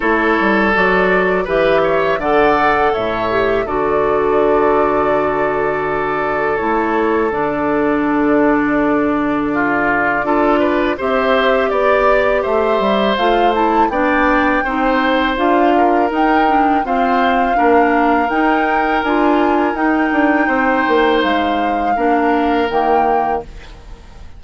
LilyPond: <<
  \new Staff \with { instrumentName = "flute" } { \time 4/4 \tempo 4 = 82 cis''4 d''4 e''4 fis''4 | e''4 d''2.~ | d''4 cis''4 d''2~ | d''2. e''4 |
d''4 e''4 f''8 a''8 g''4~ | g''4 f''4 g''4 f''4~ | f''4 g''4 gis''4 g''4~ | g''4 f''2 g''4 | }
  \new Staff \with { instrumentName = "oboe" } { \time 4/4 a'2 b'8 cis''8 d''4 | cis''4 a'2.~ | a'1~ | a'4 f'4 a'8 b'8 c''4 |
d''4 c''2 d''4 | c''4. ais'4. c''4 | ais'1 | c''2 ais'2 | }
  \new Staff \with { instrumentName = "clarinet" } { \time 4/4 e'4 fis'4 g'4 a'4~ | a'8 g'8 fis'2.~ | fis'4 e'4 d'2~ | d'2 f'4 g'4~ |
g'2 f'8 e'8 d'4 | dis'4 f'4 dis'8 d'8 c'4 | d'4 dis'4 f'4 dis'4~ | dis'2 d'4 ais4 | }
  \new Staff \with { instrumentName = "bassoon" } { \time 4/4 a8 g8 fis4 e4 d4 | a,4 d2.~ | d4 a4 d2~ | d2 d'4 c'4 |
b4 a8 g8 a4 b4 | c'4 d'4 dis'4 f'4 | ais4 dis'4 d'4 dis'8 d'8 | c'8 ais8 gis4 ais4 dis4 | }
>>